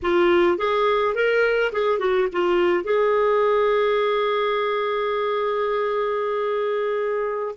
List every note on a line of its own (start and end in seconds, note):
0.02 0.57 F4
0.57 1.14 G#4
1.14 1.71 A#4
1.72 1.99 G#4
1.99 2.28 F#4
2.32 2.83 F4
2.83 7.55 G#4